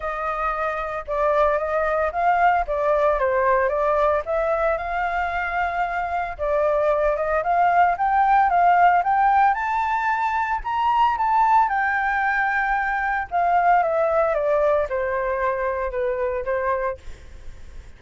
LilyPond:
\new Staff \with { instrumentName = "flute" } { \time 4/4 \tempo 4 = 113 dis''2 d''4 dis''4 | f''4 d''4 c''4 d''4 | e''4 f''2. | d''4. dis''8 f''4 g''4 |
f''4 g''4 a''2 | ais''4 a''4 g''2~ | g''4 f''4 e''4 d''4 | c''2 b'4 c''4 | }